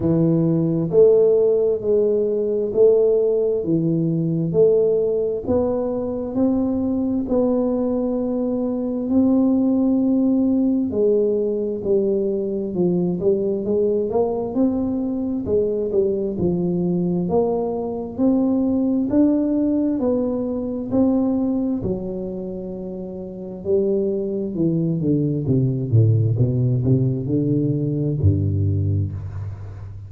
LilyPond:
\new Staff \with { instrumentName = "tuba" } { \time 4/4 \tempo 4 = 66 e4 a4 gis4 a4 | e4 a4 b4 c'4 | b2 c'2 | gis4 g4 f8 g8 gis8 ais8 |
c'4 gis8 g8 f4 ais4 | c'4 d'4 b4 c'4 | fis2 g4 e8 d8 | c8 a,8 b,8 c8 d4 g,4 | }